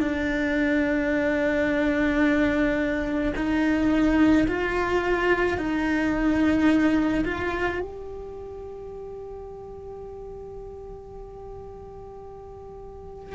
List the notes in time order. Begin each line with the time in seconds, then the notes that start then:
0.00 D4
3.36 D#4
4.47 F4
5.58 D#4
7.25 F4
7.80 G4